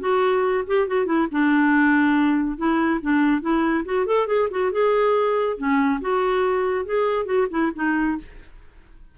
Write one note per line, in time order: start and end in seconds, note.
0.00 0.64 F#4
0.67 0.87 G4
0.87 1.06 F#4
1.06 1.27 E4
1.32 2.58 D4
2.58 3.00 E4
3.02 3.42 D4
3.42 3.85 E4
3.85 4.07 F#4
4.07 4.27 A4
4.27 4.49 G#4
4.51 4.72 F#4
4.72 5.58 G#4
5.58 6.00 C#4
6.01 6.86 F#4
6.86 7.26 G#4
7.26 7.47 F#4
7.51 7.72 E4
7.75 8.18 D#4